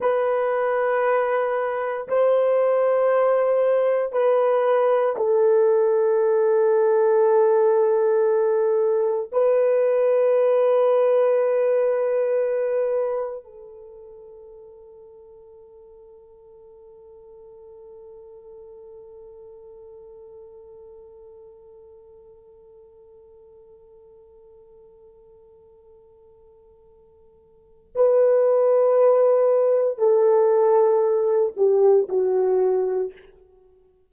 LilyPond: \new Staff \with { instrumentName = "horn" } { \time 4/4 \tempo 4 = 58 b'2 c''2 | b'4 a'2.~ | a'4 b'2.~ | b'4 a'2.~ |
a'1~ | a'1~ | a'2. b'4~ | b'4 a'4. g'8 fis'4 | }